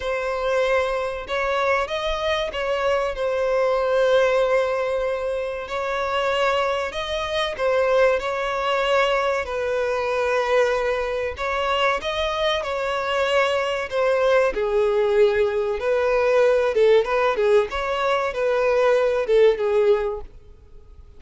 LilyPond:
\new Staff \with { instrumentName = "violin" } { \time 4/4 \tempo 4 = 95 c''2 cis''4 dis''4 | cis''4 c''2.~ | c''4 cis''2 dis''4 | c''4 cis''2 b'4~ |
b'2 cis''4 dis''4 | cis''2 c''4 gis'4~ | gis'4 b'4. a'8 b'8 gis'8 | cis''4 b'4. a'8 gis'4 | }